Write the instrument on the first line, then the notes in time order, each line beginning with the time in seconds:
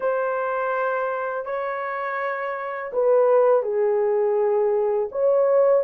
horn
0.00 C5
1.45 C#5
2.92 B4
3.62 G#4
5.11 C#5